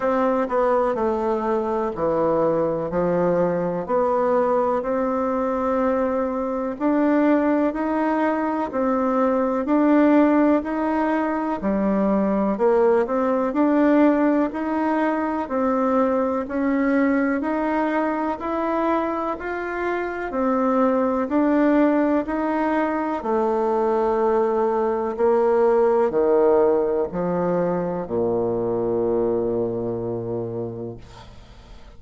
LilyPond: \new Staff \with { instrumentName = "bassoon" } { \time 4/4 \tempo 4 = 62 c'8 b8 a4 e4 f4 | b4 c'2 d'4 | dis'4 c'4 d'4 dis'4 | g4 ais8 c'8 d'4 dis'4 |
c'4 cis'4 dis'4 e'4 | f'4 c'4 d'4 dis'4 | a2 ais4 dis4 | f4 ais,2. | }